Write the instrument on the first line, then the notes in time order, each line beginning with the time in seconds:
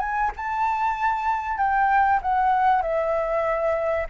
flute
0.00 G#5
0.36 A5
1.58 G5
2.22 F#5
2.82 E5